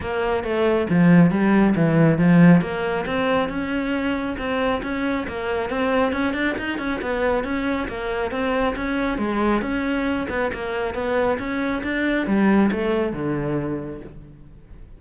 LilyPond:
\new Staff \with { instrumentName = "cello" } { \time 4/4 \tempo 4 = 137 ais4 a4 f4 g4 | e4 f4 ais4 c'4 | cis'2 c'4 cis'4 | ais4 c'4 cis'8 d'8 dis'8 cis'8 |
b4 cis'4 ais4 c'4 | cis'4 gis4 cis'4. b8 | ais4 b4 cis'4 d'4 | g4 a4 d2 | }